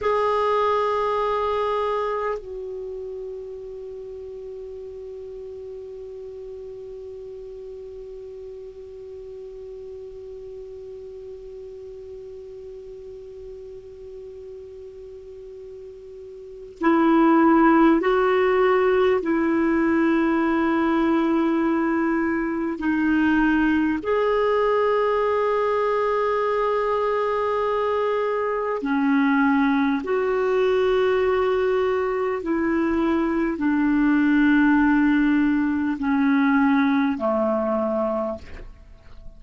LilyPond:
\new Staff \with { instrumentName = "clarinet" } { \time 4/4 \tempo 4 = 50 gis'2 fis'2~ | fis'1~ | fis'1~ | fis'2 e'4 fis'4 |
e'2. dis'4 | gis'1 | cis'4 fis'2 e'4 | d'2 cis'4 a4 | }